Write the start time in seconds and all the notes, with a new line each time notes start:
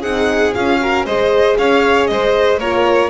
0.00 C4 D#4 G#4 F#5
0.54 C#4 F4 F5
0.80 F#4 A#4
1.05 G#3 G#4 C5 D#5
1.57 C#4 C#5 F5
2.06 G#3 C5 D#5
2.58 A#3 F4 A#4 C#5